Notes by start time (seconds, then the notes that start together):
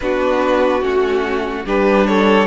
0.00 B3 D4 F#4 B4
0.81 A3 C#4 F#4
1.65 G3 D4 G4 B4
2.07 A4 C#5